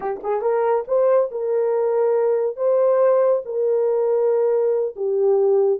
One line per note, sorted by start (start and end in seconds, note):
0.00 0.20 G4
0.23 0.41 G#4
0.41 0.84 A#4
0.87 1.30 C5
1.31 2.56 A#4
2.56 3.41 C5
3.45 4.95 A#4
4.95 5.79 G4